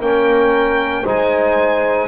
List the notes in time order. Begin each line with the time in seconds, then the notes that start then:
0.00 A#3 C#4 A#4 G5
1.04 G#3 D#4 C5 G#5